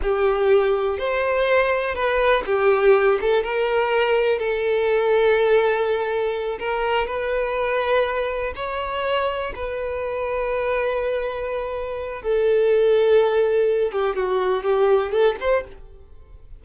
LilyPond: \new Staff \with { instrumentName = "violin" } { \time 4/4 \tempo 4 = 123 g'2 c''2 | b'4 g'4. a'8 ais'4~ | ais'4 a'2.~ | a'4. ais'4 b'4.~ |
b'4. cis''2 b'8~ | b'1~ | b'4 a'2.~ | a'8 g'8 fis'4 g'4 a'8 c''8 | }